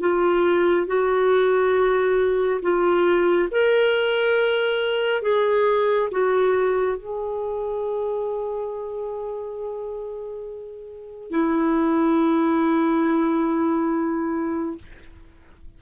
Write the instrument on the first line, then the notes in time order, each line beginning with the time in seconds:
clarinet
0.00 F4
0.87 F#4
2.62 F4
3.51 A#4
5.22 G#4
6.11 F#4
6.98 G#4
11.30 E4